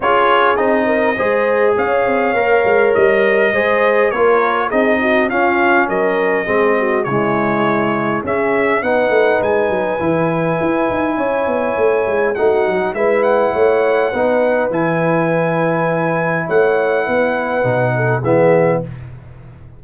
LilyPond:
<<
  \new Staff \with { instrumentName = "trumpet" } { \time 4/4 \tempo 4 = 102 cis''4 dis''2 f''4~ | f''4 dis''2 cis''4 | dis''4 f''4 dis''2 | cis''2 e''4 fis''4 |
gis''1~ | gis''4 fis''4 e''8 fis''4.~ | fis''4 gis''2. | fis''2. e''4 | }
  \new Staff \with { instrumentName = "horn" } { \time 4/4 gis'4. ais'8 c''4 cis''4~ | cis''2 c''4 ais'4 | gis'8 fis'8 f'4 ais'4 gis'8 fis'8 | e'2 gis'4 b'4~ |
b'2. cis''4~ | cis''4 fis'4 b'4 cis''4 | b'1 | cis''4 b'4. a'8 gis'4 | }
  \new Staff \with { instrumentName = "trombone" } { \time 4/4 f'4 dis'4 gis'2 | ais'2 gis'4 f'4 | dis'4 cis'2 c'4 | gis2 cis'4 dis'4~ |
dis'4 e'2.~ | e'4 dis'4 e'2 | dis'4 e'2.~ | e'2 dis'4 b4 | }
  \new Staff \with { instrumentName = "tuba" } { \time 4/4 cis'4 c'4 gis4 cis'8 c'8 | ais8 gis8 g4 gis4 ais4 | c'4 cis'4 fis4 gis4 | cis2 cis'4 b8 a8 |
gis8 fis8 e4 e'8 dis'8 cis'8 b8 | a8 gis8 a8 fis8 gis4 a4 | b4 e2. | a4 b4 b,4 e4 | }
>>